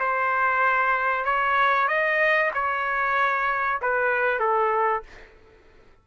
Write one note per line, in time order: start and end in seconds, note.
0.00 1.25 C5
1.25 1.88 C#5
1.88 2.51 D#5
2.54 3.81 C#5
3.82 4.40 B4
4.40 5.03 A4